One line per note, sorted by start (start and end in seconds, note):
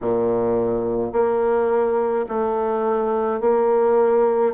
0.01 1.12 A#2
1.12 2.25 A#3
2.28 3.40 A3
3.40 4.53 A#3